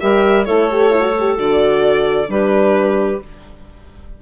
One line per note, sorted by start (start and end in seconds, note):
0.00 0.48 G3
0.00 0.46 G4
0.00 0.46 A#4
0.00 0.45 E5
0.45 1.38 A3
0.45 0.70 E4
0.45 2.29 A4
0.45 1.36 C#5
0.71 0.90 G4
0.90 1.01 E4
1.01 1.12 F#4
1.19 1.37 G4
1.37 2.29 D3
1.37 2.27 F#4
1.37 2.30 D5
2.27 3.20 G3
2.27 3.19 D4
2.27 3.23 G4
2.27 3.22 B4